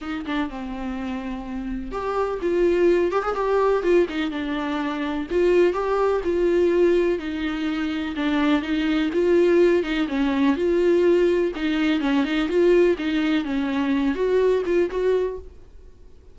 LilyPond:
\new Staff \with { instrumentName = "viola" } { \time 4/4 \tempo 4 = 125 dis'8 d'8 c'2. | g'4 f'4. g'16 gis'16 g'4 | f'8 dis'8 d'2 f'4 | g'4 f'2 dis'4~ |
dis'4 d'4 dis'4 f'4~ | f'8 dis'8 cis'4 f'2 | dis'4 cis'8 dis'8 f'4 dis'4 | cis'4. fis'4 f'8 fis'4 | }